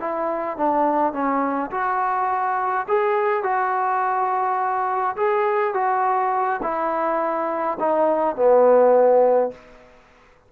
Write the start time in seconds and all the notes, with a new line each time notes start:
0.00 E4
0.57 D4
1.13 C#4
1.71 F#4
2.88 G#4
3.43 F#4
5.16 G#4
5.74 F#4
6.63 E4
7.80 D#4
8.36 B3